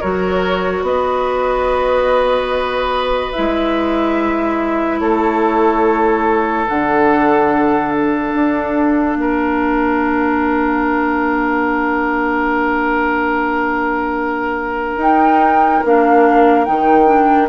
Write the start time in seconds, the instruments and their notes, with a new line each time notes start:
0.00 bassoon F#3, clarinet F#4, oboe A#4, flute C#5
0.82 bassoon B3, oboe B4, flute D#5
3.32 bassoon G#3, clarinet E4, flute E5
4.99 bassoon A3, oboe A4, flute C#5
6.68 bassoon D3, clarinet D4, flute F#5
7.91 flute F5
8.34 bassoon D4
9.15 bassoon A#3, oboe A#4
14.97 bassoon D#4, clarinet D#4, flute G5
15.84 bassoon A#3, clarinet D4, flute F5
16.65 bassoon D#3, clarinet D#4, flute G5
17.06 clarinet D4